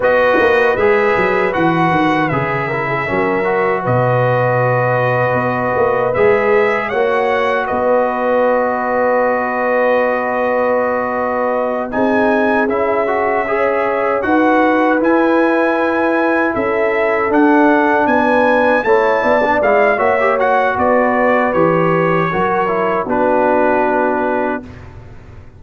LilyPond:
<<
  \new Staff \with { instrumentName = "trumpet" } { \time 4/4 \tempo 4 = 78 dis''4 e''4 fis''4 e''4~ | e''4 dis''2. | e''4 fis''4 dis''2~ | dis''2.~ dis''8 gis''8~ |
gis''8 e''2 fis''4 gis''8~ | gis''4. e''4 fis''4 gis''8~ | gis''8 a''4 f''8 e''8 fis''8 d''4 | cis''2 b'2 | }
  \new Staff \with { instrumentName = "horn" } { \time 4/4 b'2.~ b'8 ais'16 gis'16 | ais'4 b'2.~ | b'4 cis''4 b'2~ | b'2.~ b'8 gis'8~ |
gis'4. cis''4 b'4.~ | b'4. a'2 b'8~ | b'8 cis''8 d''4 cis''4 b'4~ | b'4 ais'4 fis'2 | }
  \new Staff \with { instrumentName = "trombone" } { \time 4/4 fis'4 gis'4 fis'4 gis'8 e'8 | cis'8 fis'2.~ fis'8 | gis'4 fis'2.~ | fis'2.~ fis'8 dis'8~ |
dis'8 e'8 fis'8 gis'4 fis'4 e'8~ | e'2~ e'8 d'4.~ | d'8 e'8. d'16 e'8 fis'16 g'16 fis'4. | g'4 fis'8 e'8 d'2 | }
  \new Staff \with { instrumentName = "tuba" } { \time 4/4 b8 ais8 gis8 fis8 e8 dis8 cis4 | fis4 b,2 b8 ais8 | gis4 ais4 b2~ | b2.~ b8 c'8~ |
c'8 cis'2 dis'4 e'8~ | e'4. cis'4 d'4 b8~ | b8 a8 b8 gis8 ais4 b4 | e4 fis4 b2 | }
>>